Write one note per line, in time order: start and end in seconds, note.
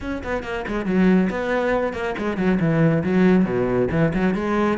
0.01 0.22 C#4
0.23 0.43 B3
0.43 0.65 A#3
0.67 0.85 G#3
0.85 1.29 F#3
1.30 1.93 B3
1.93 2.14 A#3
2.18 2.37 G#3
2.37 2.58 F#3
2.59 3.03 E3
3.03 3.44 F#3
3.44 3.88 B2
3.91 4.12 E3
4.14 4.34 F#3
4.34 4.78 G#3